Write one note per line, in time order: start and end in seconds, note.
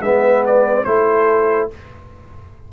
0.00 0.85 G#3
0.00 0.86 B3
0.00 0.87 B4
0.00 0.44 E5
0.46 0.84 D5
0.84 1.71 A3
0.84 1.71 E4
0.84 1.73 A4
0.84 1.69 C5